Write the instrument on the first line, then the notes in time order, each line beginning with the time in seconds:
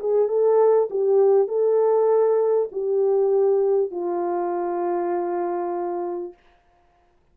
horn
0.00 G#4
0.28 A4
0.90 G4
1.48 A4
2.72 G4
3.91 F4